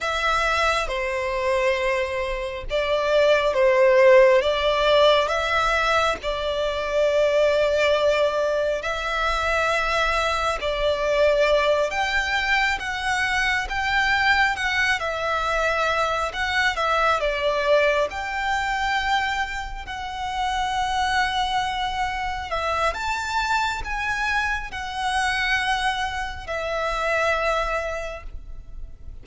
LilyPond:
\new Staff \with { instrumentName = "violin" } { \time 4/4 \tempo 4 = 68 e''4 c''2 d''4 | c''4 d''4 e''4 d''4~ | d''2 e''2 | d''4. g''4 fis''4 g''8~ |
g''8 fis''8 e''4. fis''8 e''8 d''8~ | d''8 g''2 fis''4.~ | fis''4. e''8 a''4 gis''4 | fis''2 e''2 | }